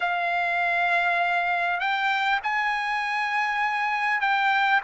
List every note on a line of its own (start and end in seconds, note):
0.00 1.80 F5
1.80 2.40 G5
2.43 4.20 G#5
4.20 4.80 G5